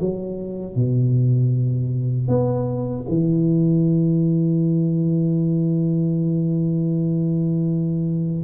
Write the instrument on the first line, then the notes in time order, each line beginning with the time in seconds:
tuba
0.00 F#3
0.75 B2
2.28 B3
3.08 E3